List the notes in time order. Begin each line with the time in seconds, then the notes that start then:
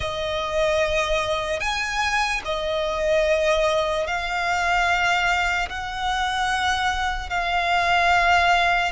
0.00 D#5
1.60 G#5
2.44 D#5
4.07 F5
5.69 F#5
7.29 F5